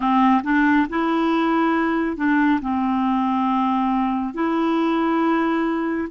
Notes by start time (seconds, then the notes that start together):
0.00 C4
0.43 D4
0.89 E4
2.16 D4
2.61 C4
4.34 E4